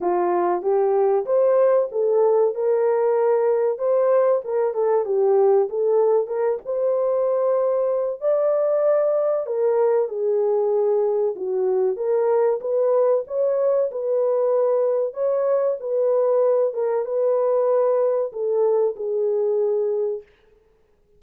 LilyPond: \new Staff \with { instrumentName = "horn" } { \time 4/4 \tempo 4 = 95 f'4 g'4 c''4 a'4 | ais'2 c''4 ais'8 a'8 | g'4 a'4 ais'8 c''4.~ | c''4 d''2 ais'4 |
gis'2 fis'4 ais'4 | b'4 cis''4 b'2 | cis''4 b'4. ais'8 b'4~ | b'4 a'4 gis'2 | }